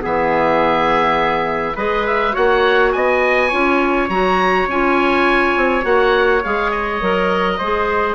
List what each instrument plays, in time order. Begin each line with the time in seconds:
0.00 bassoon E3, clarinet B3, trumpet G#4, oboe E5
1.75 bassoon G#3, clarinet G#4, trumpet B4, oboe D#5
2.07 oboe E5
2.32 bassoon A#3, clarinet F#4, trumpet C#5, oboe F#5
2.92 bassoon B3, trumpet D#5, oboe G#5
3.48 bassoon C#4, clarinet F4, trumpet C#5
4.09 bassoon F#3, clarinet F#4, oboe A#5
4.67 bassoon C#4, clarinet F4, oboe G#5
5.57 bassoon C4
5.82 bassoon A#3, clarinet F#4, oboe F#5
6.44 bassoon G#3, clarinet G#4, oboe F5
6.71 oboe D#5
7.01 bassoon F#3, clarinet A#4
7.58 bassoon G#3, clarinet G#4, trumpet C5